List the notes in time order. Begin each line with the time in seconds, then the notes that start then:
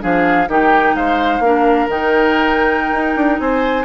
0.00 F3 D4 G#4 F5
0.48 D#3 D#4 G4 G5
0.95 G#3 C5 F5
1.39 A#3 D4 A#4
1.89 D#3 D#4 G5
2.91 D#4
3.16 D4
3.39 C4 C5 G#5